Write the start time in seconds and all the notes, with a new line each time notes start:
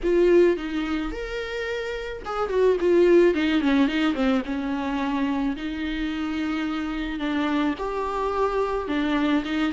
0.03 F4
0.57 D#4
1.11 A#4
2.25 G#4
2.49 F#4
2.80 F4
3.34 D#4
3.61 C#4
3.87 D#4
4.14 C4
4.45 C#4
5.56 D#4
7.19 D4
7.78 G4
8.88 D4
9.44 D#4